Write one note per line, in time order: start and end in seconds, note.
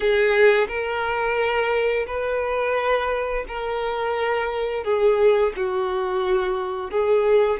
0.00 0.67 G#4
0.68 2.06 A#4
2.07 3.45 B4
3.48 4.83 A#4
4.83 5.52 G#4
5.56 6.91 F#4
6.91 7.60 G#4